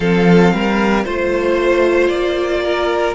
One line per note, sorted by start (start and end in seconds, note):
0.00 0.52 F3
0.00 1.05 C4
0.00 0.53 A4
0.00 1.05 F5
0.52 1.05 G3
0.52 1.04 A#4
1.04 2.10 A3
1.04 3.15 F4
1.04 2.62 C5
1.04 2.08 C5
2.08 3.15 A#3
2.08 3.13 D5
2.63 3.15 A#4